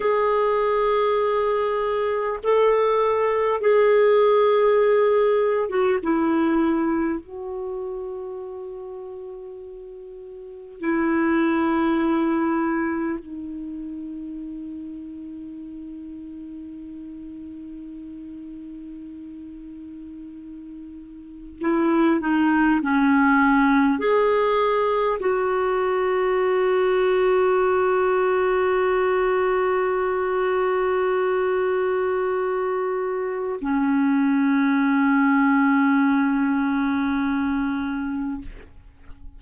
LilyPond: \new Staff \with { instrumentName = "clarinet" } { \time 4/4 \tempo 4 = 50 gis'2 a'4 gis'4~ | gis'8. fis'16 e'4 fis'2~ | fis'4 e'2 dis'4~ | dis'1~ |
dis'2 e'8 dis'8 cis'4 | gis'4 fis'2.~ | fis'1 | cis'1 | }